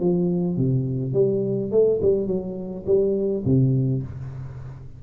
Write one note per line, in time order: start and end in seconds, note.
0.00 0.57 F3
0.57 1.13 C3
1.13 1.71 G3
1.71 2.00 A3
2.02 2.27 G3
2.27 2.85 F#3
2.86 3.44 G3
3.45 4.03 C3